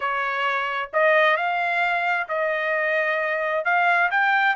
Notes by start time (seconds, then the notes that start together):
0.00 C#5
0.93 D#5
1.36 F5
2.28 D#5
3.64 F5
4.10 G5